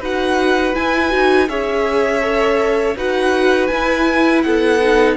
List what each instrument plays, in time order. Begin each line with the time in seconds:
0.00 cello D#4, viola F#4, violin B4 F#5
0.75 viola E4, cello E4, violin G#5
1.11 cello D#4, viola F#4
1.49 cello C#4, viola G#4, violin C#5 E5
2.22 viola A4
2.96 cello D#4, viola F#4, violin B4 F#5
3.68 cello E4, viola E4, violin G#5
4.44 cello B3, violin A4 F#5
4.82 viola D#4